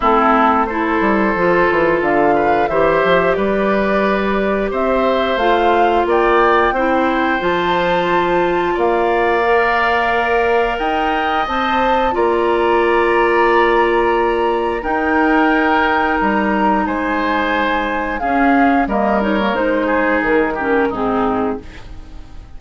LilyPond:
<<
  \new Staff \with { instrumentName = "flute" } { \time 4/4 \tempo 4 = 89 a'4 c''2 f''4 | e''4 d''2 e''4 | f''4 g''2 a''4~ | a''4 f''2. |
g''4 a''4 ais''2~ | ais''2 g''2 | ais''4 gis''2 f''4 | dis''8 cis''8 c''4 ais'4 gis'4 | }
  \new Staff \with { instrumentName = "oboe" } { \time 4/4 e'4 a'2~ a'8 b'8 | c''4 b'2 c''4~ | c''4 d''4 c''2~ | c''4 d''2. |
dis''2 d''2~ | d''2 ais'2~ | ais'4 c''2 gis'4 | ais'4. gis'4 g'8 dis'4 | }
  \new Staff \with { instrumentName = "clarinet" } { \time 4/4 c'4 e'4 f'2 | g'1 | f'2 e'4 f'4~ | f'2 ais'2~ |
ais'4 c''4 f'2~ | f'2 dis'2~ | dis'2. cis'4 | ais8 dis'16 ais16 dis'4. cis'8 c'4 | }
  \new Staff \with { instrumentName = "bassoon" } { \time 4/4 a4. g8 f8 e8 d4 | e8 f8 g2 c'4 | a4 ais4 c'4 f4~ | f4 ais2. |
dis'4 c'4 ais2~ | ais2 dis'2 | g4 gis2 cis'4 | g4 gis4 dis4 gis,4 | }
>>